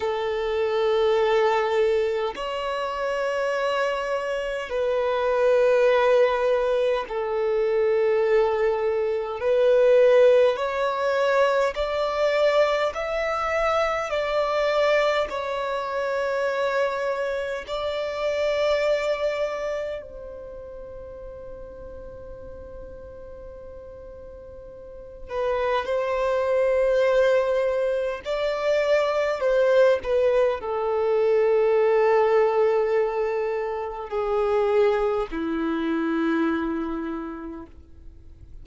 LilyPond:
\new Staff \with { instrumentName = "violin" } { \time 4/4 \tempo 4 = 51 a'2 cis''2 | b'2 a'2 | b'4 cis''4 d''4 e''4 | d''4 cis''2 d''4~ |
d''4 c''2.~ | c''4. b'8 c''2 | d''4 c''8 b'8 a'2~ | a'4 gis'4 e'2 | }